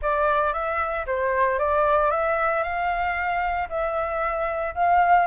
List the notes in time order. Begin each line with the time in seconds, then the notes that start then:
0.01 D5
0.53 E5
1.06 C5
1.59 D5
2.10 E5
2.63 F5
3.69 E5
4.74 F5